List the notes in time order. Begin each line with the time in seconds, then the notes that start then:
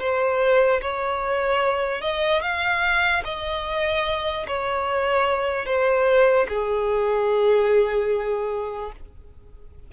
0.00 C5
0.81 C#5
2.02 D#5
2.42 F5
3.25 D#5
4.47 C#5
5.66 C5
6.49 G#4